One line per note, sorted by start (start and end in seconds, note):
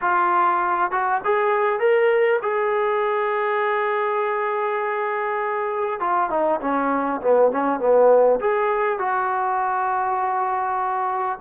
0.01 0.91 F4
0.91 1.21 F#4
1.24 1.79 G#4
1.79 2.39 A#4
2.42 6.00 G#4
6.00 6.30 F4
6.30 6.60 D#4
6.60 7.20 C#4
7.21 7.51 B3
7.51 7.79 C#4
7.79 8.39 B3
8.39 8.98 G#4
8.98 11.38 F#4